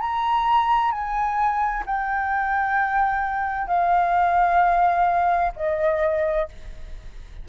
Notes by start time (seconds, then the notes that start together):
0.00 A#5
0.91 G#5
1.86 G5
3.67 F5
5.56 D#5